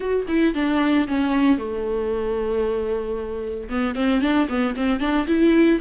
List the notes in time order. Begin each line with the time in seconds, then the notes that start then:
0.00 F#4
0.28 E4
0.54 D4
1.07 C#4
1.58 A3
3.69 B3
3.95 C4
4.21 D4
4.49 B3
4.76 C4
5.00 D4
5.27 E4